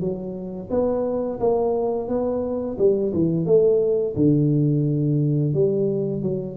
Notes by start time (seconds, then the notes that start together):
0.00 F#3
0.70 B3
1.39 A#3
2.08 B3
2.78 G3
3.13 E3
3.46 A3
4.16 D3
5.53 G3
6.22 F#3